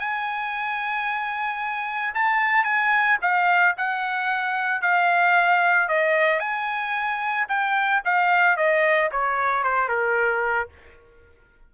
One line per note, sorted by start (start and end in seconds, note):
0.00 2.14 G#5
2.15 2.64 A5
2.64 3.18 G#5
3.22 3.75 F5
3.77 4.82 F#5
4.82 5.89 F5
5.89 6.40 D#5
6.40 7.47 G#5
7.49 8.02 G5
8.05 8.57 F5
8.57 9.10 D#5
9.12 9.64 C#5
9.64 9.89 C5
9.89 10.69 A#4